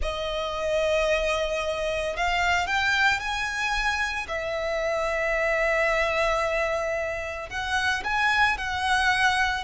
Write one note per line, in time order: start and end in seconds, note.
0.01 2.16 D#5
2.16 2.66 F5
2.66 3.19 G5
3.19 4.26 G#5
4.28 7.49 E5
7.49 8.03 F#5
8.04 8.57 G#5
8.57 9.64 F#5